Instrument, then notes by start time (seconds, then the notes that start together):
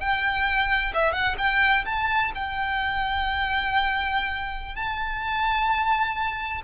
violin
0.00 G5
0.94 E5
1.13 F#5
1.38 G5
1.86 A5
2.35 G5
4.76 A5